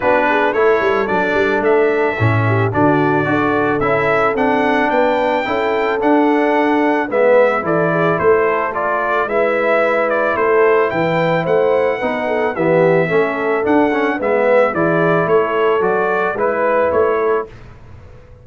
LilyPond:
<<
  \new Staff \with { instrumentName = "trumpet" } { \time 4/4 \tempo 4 = 110 b'4 cis''4 d''4 e''4~ | e''4 d''2 e''4 | fis''4 g''2 fis''4~ | fis''4 e''4 d''4 c''4 |
d''4 e''4. d''8 c''4 | g''4 fis''2 e''4~ | e''4 fis''4 e''4 d''4 | cis''4 d''4 b'4 cis''4 | }
  \new Staff \with { instrumentName = "horn" } { \time 4/4 fis'8 gis'8 a'2.~ | a'8 g'8 fis'4 a'2~ | a'4 b'4 a'2~ | a'4 b'4 a'8 gis'8 a'4~ |
a'4 b'2 a'4 | b'4 c''4 b'8 a'8 g'4 | a'2 b'4 gis'4 | a'2 b'4. a'8 | }
  \new Staff \with { instrumentName = "trombone" } { \time 4/4 d'4 e'4 d'2 | cis'4 d'4 fis'4 e'4 | d'2 e'4 d'4~ | d'4 b4 e'2 |
f'4 e'2.~ | e'2 dis'4 b4 | cis'4 d'8 cis'8 b4 e'4~ | e'4 fis'4 e'2 | }
  \new Staff \with { instrumentName = "tuba" } { \time 4/4 b4 a8 g8 fis8 g8 a4 | a,4 d4 d'4 cis'4 | c'4 b4 cis'4 d'4~ | d'4 gis4 e4 a4~ |
a4 gis2 a4 | e4 a4 b4 e4 | a4 d'4 gis4 e4 | a4 fis4 gis4 a4 | }
>>